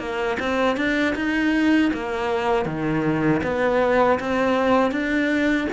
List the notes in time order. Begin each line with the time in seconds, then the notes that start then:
0.00 A#3
0.40 C4
0.77 D4
1.16 D#4
1.94 A#3
2.66 D#3
3.43 B3
4.20 C4
4.92 D4